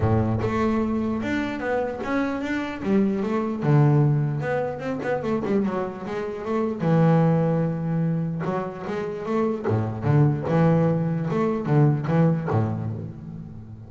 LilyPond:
\new Staff \with { instrumentName = "double bass" } { \time 4/4 \tempo 4 = 149 a,4 a2 d'4 | b4 cis'4 d'4 g4 | a4 d2 b4 | c'8 b8 a8 g8 fis4 gis4 |
a4 e2.~ | e4 fis4 gis4 a4 | a,4 d4 e2 | a4 d4 e4 a,4 | }